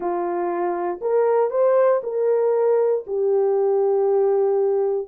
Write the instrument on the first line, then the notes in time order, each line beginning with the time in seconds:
horn
0.00 F4
1.01 A#4
1.50 C5
2.03 A#4
3.06 G4